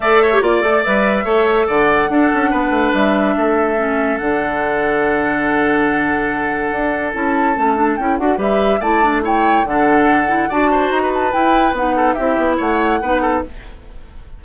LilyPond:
<<
  \new Staff \with { instrumentName = "flute" } { \time 4/4 \tempo 4 = 143 e''4 d''4 e''2 | fis''2. e''4~ | e''2 fis''2~ | fis''1~ |
fis''4 a''2 g''8 fis''8 | e''4 a''4 g''4 fis''4~ | fis''4 a''4 ais''8 a''8 g''4 | fis''4 e''4 fis''2 | }
  \new Staff \with { instrumentName = "oboe" } { \time 4/4 d''8 cis''8 d''2 cis''4 | d''4 a'4 b'2 | a'1~ | a'1~ |
a'1 | b'4 d''4 cis''4 a'4~ | a'4 d''8 c''8. b'4.~ b'16~ | b'8 a'8 g'4 cis''4 b'8 a'8 | }
  \new Staff \with { instrumentName = "clarinet" } { \time 4/4 a'8. g'16 f'8 a'8 b'4 a'4~ | a'4 d'2.~ | d'4 cis'4 d'2~ | d'1~ |
d'4 e'4 cis'8 d'8 e'8 fis'8 | g'4 e'8 d'8 e'4 d'4~ | d'8 e'8 fis'2 e'4 | dis'4 e'2 dis'4 | }
  \new Staff \with { instrumentName = "bassoon" } { \time 4/4 a4 ais8 a8 g4 a4 | d4 d'8 cis'8 b8 a8 g4 | a2 d2~ | d1 |
d'4 cis'4 a4 cis'8 d'8 | g4 a2 d4~ | d4 d'4 dis'4 e'4 | b4 c'8 b8 a4 b4 | }
>>